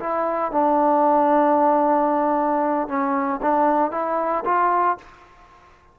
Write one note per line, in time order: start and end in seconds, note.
0.00 0.52 E4
0.52 2.88 D4
2.88 3.41 C#4
3.42 3.92 D4
3.92 4.44 E4
4.45 4.98 F4